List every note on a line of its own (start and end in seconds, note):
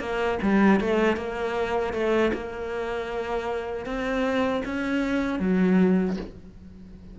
0.00 0.38 A#3
0.42 0.80 G3
0.80 1.17 A3
1.17 1.94 A#3
1.94 2.32 A3
2.34 3.86 A#3
3.86 4.63 C4
4.65 5.40 C#4
5.40 6.17 F#3